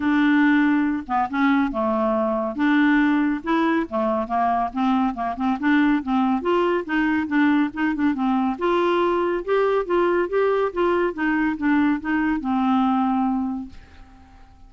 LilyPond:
\new Staff \with { instrumentName = "clarinet" } { \time 4/4 \tempo 4 = 140 d'2~ d'8 b8 cis'4 | a2 d'2 | e'4 a4 ais4 c'4 | ais8 c'8 d'4 c'4 f'4 |
dis'4 d'4 dis'8 d'8 c'4 | f'2 g'4 f'4 | g'4 f'4 dis'4 d'4 | dis'4 c'2. | }